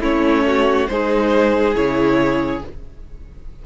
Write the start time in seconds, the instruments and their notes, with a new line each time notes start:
0.00 cello A3, viola C#4, violin E4 C#5
0.47 violin F#4
0.87 cello G#3, viola D#4, violin G#4 C5
1.75 cello C#3, viola E4, violin C#5